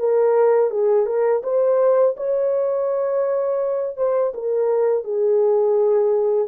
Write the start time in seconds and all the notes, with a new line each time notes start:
0.00 A#4
0.71 G#4
1.06 A#4
1.44 C5
2.18 C#5
3.97 C5
4.35 A#4
5.05 G#4